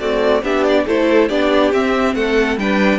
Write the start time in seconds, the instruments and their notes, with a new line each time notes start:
0.00 viola A3, cello C4, violin F#4 D5
0.43 cello B3, viola D4, violin G4 E5
0.65 violin D5
0.87 cello A3, viola E4, violin A4 C5
1.29 cello B3, viola D4, violin G4 D5
1.73 cello C4, viola C4, violin E5
2.15 cello A3, violin A4 F#5
2.58 cello G3, viola D4, violin B4 G5